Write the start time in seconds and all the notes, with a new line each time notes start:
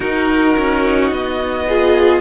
0.00 D#4 F#4 A#4
0.57 C#4
1.11 B3 D#5
1.68 F4 G#4